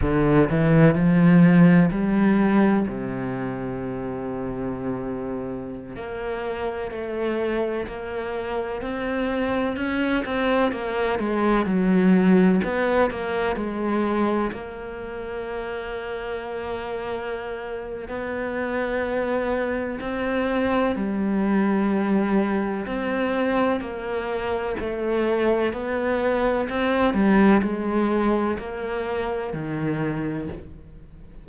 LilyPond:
\new Staff \with { instrumentName = "cello" } { \time 4/4 \tempo 4 = 63 d8 e8 f4 g4 c4~ | c2~ c16 ais4 a8.~ | a16 ais4 c'4 cis'8 c'8 ais8 gis16~ | gis16 fis4 b8 ais8 gis4 ais8.~ |
ais2. b4~ | b4 c'4 g2 | c'4 ais4 a4 b4 | c'8 g8 gis4 ais4 dis4 | }